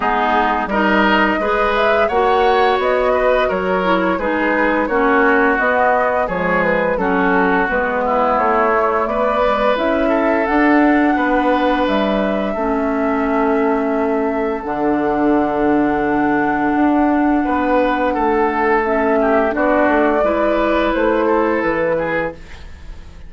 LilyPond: <<
  \new Staff \with { instrumentName = "flute" } { \time 4/4 \tempo 4 = 86 gis'4 dis''4. e''8 fis''4 | dis''4 cis''4 b'4 cis''4 | dis''4 cis''8 b'8 a'4 b'4 | cis''4 d''4 e''4 fis''4~ |
fis''4 e''2.~ | e''4 fis''2.~ | fis''2. e''4 | d''2 c''4 b'4 | }
  \new Staff \with { instrumentName = "oboe" } { \time 4/4 dis'4 ais'4 b'4 cis''4~ | cis''8 b'8 ais'4 gis'4 fis'4~ | fis'4 gis'4 fis'4. e'8~ | e'4 b'4. a'4. |
b'2 a'2~ | a'1~ | a'4 b'4 a'4. g'8 | fis'4 b'4. a'4 gis'8 | }
  \new Staff \with { instrumentName = "clarinet" } { \time 4/4 b4 dis'4 gis'4 fis'4~ | fis'4. e'8 dis'4 cis'4 | b4 gis4 cis'4 b4~ | b8 a4 gis8 e'4 d'4~ |
d'2 cis'2~ | cis'4 d'2.~ | d'2. cis'4 | d'4 e'2. | }
  \new Staff \with { instrumentName = "bassoon" } { \time 4/4 gis4 g4 gis4 ais4 | b4 fis4 gis4 ais4 | b4 f4 fis4 gis4 | a4 b4 cis'4 d'4 |
b4 g4 a2~ | a4 d2. | d'4 b4 a2 | b8 a8 gis4 a4 e4 | }
>>